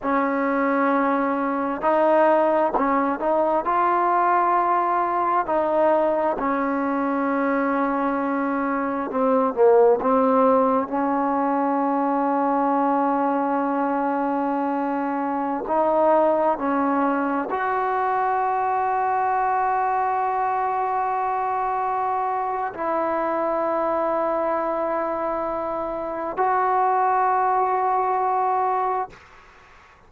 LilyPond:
\new Staff \with { instrumentName = "trombone" } { \time 4/4 \tempo 4 = 66 cis'2 dis'4 cis'8 dis'8 | f'2 dis'4 cis'4~ | cis'2 c'8 ais8 c'4 | cis'1~ |
cis'4~ cis'16 dis'4 cis'4 fis'8.~ | fis'1~ | fis'4 e'2.~ | e'4 fis'2. | }